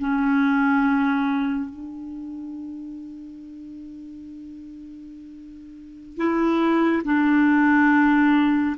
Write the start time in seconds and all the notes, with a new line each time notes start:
0.00 C#4
1.70 D4
6.17 E4
7.05 D4